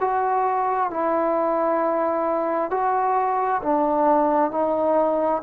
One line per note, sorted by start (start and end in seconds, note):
0.00 0.90 F#4
0.90 2.71 E4
2.71 3.62 F#4
3.63 4.51 D4
4.51 5.42 D#4